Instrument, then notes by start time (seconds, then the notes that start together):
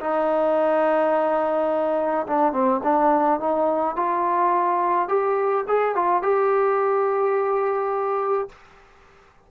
trombone
0.00 D#4
2.27 D4
2.53 C4
2.84 D4
3.40 D#4
3.96 F4
5.08 G4
5.68 G#4
5.95 F4
6.22 G4